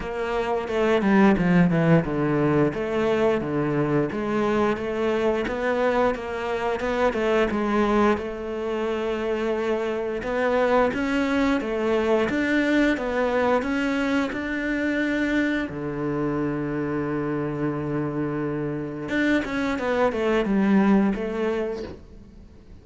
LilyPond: \new Staff \with { instrumentName = "cello" } { \time 4/4 \tempo 4 = 88 ais4 a8 g8 f8 e8 d4 | a4 d4 gis4 a4 | b4 ais4 b8 a8 gis4 | a2. b4 |
cis'4 a4 d'4 b4 | cis'4 d'2 d4~ | d1 | d'8 cis'8 b8 a8 g4 a4 | }